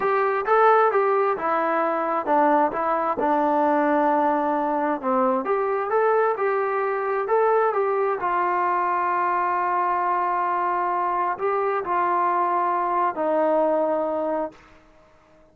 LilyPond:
\new Staff \with { instrumentName = "trombone" } { \time 4/4 \tempo 4 = 132 g'4 a'4 g'4 e'4~ | e'4 d'4 e'4 d'4~ | d'2. c'4 | g'4 a'4 g'2 |
a'4 g'4 f'2~ | f'1~ | f'4 g'4 f'2~ | f'4 dis'2. | }